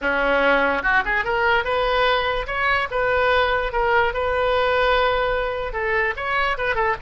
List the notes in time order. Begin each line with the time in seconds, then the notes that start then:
0.01 C#4
0.82 F#4
1.05 G#4
1.24 A#4
1.64 B4
2.46 C#5
2.90 B4
3.72 A#4
4.13 B4
5.72 A4
6.16 C#5
6.57 B4
6.75 A4